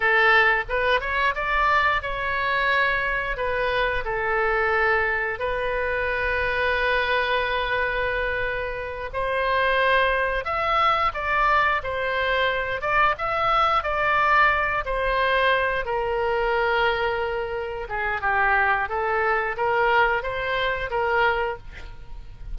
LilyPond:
\new Staff \with { instrumentName = "oboe" } { \time 4/4 \tempo 4 = 89 a'4 b'8 cis''8 d''4 cis''4~ | cis''4 b'4 a'2 | b'1~ | b'4. c''2 e''8~ |
e''8 d''4 c''4. d''8 e''8~ | e''8 d''4. c''4. ais'8~ | ais'2~ ais'8 gis'8 g'4 | a'4 ais'4 c''4 ais'4 | }